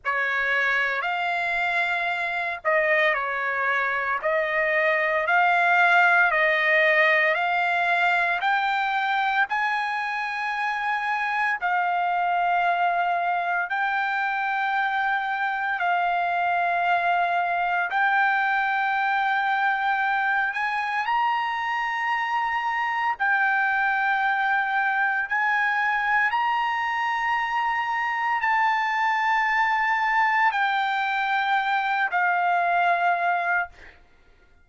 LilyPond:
\new Staff \with { instrumentName = "trumpet" } { \time 4/4 \tempo 4 = 57 cis''4 f''4. dis''8 cis''4 | dis''4 f''4 dis''4 f''4 | g''4 gis''2 f''4~ | f''4 g''2 f''4~ |
f''4 g''2~ g''8 gis''8 | ais''2 g''2 | gis''4 ais''2 a''4~ | a''4 g''4. f''4. | }